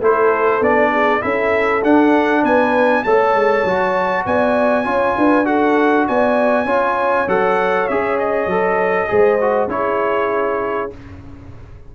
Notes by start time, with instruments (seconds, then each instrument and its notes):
0.00 tuba A3, trombone E4, horn A4, trumpet C5
0.61 tuba B3, trombone D4, trumpet D5
0.92 horn G#4
1.21 tuba C#4, trombone E4, horn A4, trumpet E5
1.83 tuba D4, trombone D4, trumpet F#5
2.43 tuba B3, horn B4, trumpet G#5
3.04 tuba A3, trombone A4, horn C#5, trumpet A5
3.34 tuba G#3
3.65 tuba F#3, trombone F#4
4.26 tuba B3, horn D5, trumpet G#5
4.84 tuba C#4, trombone F4, horn C#5
5.18 tuba D4, horn B4
5.45 trombone F#4, horn A4, trumpet F#5
6.08 tuba B3, horn D5, trumpet G#5
6.65 tuba C#4, trombone F4, horn C#5
7.28 tuba F#3, trombone A4, trumpet F#5
7.88 tuba C#4, trombone G#4, trumpet E5
8.19 trumpet D#5
8.47 tuba F#3, trombone A4
9.08 tuba G#3, trombone G#4, horn C5
9.41 trombone F#4
9.67 tuba C#4, trombone E4, trumpet C#5
9.74 horn G#4